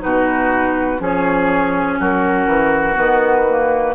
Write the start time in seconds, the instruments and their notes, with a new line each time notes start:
0.00 bassoon B2, clarinet D#4, oboe F#4, flute B4
0.99 bassoon F3, clarinet C#4, oboe G#4, flute C#5
2.00 bassoon F#3, oboe F#4, flute A#4
2.47 bassoon E3
2.95 bassoon D#3, clarinet B3, flute B4
3.50 clarinet A#3